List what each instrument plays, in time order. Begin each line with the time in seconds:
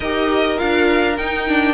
0.00 cello D#4, viola G4, violin A#4 D#5
0.57 cello D4, viola F4, violin F5
1.17 cello D#4, viola D#4, violin G5
1.48 viola D4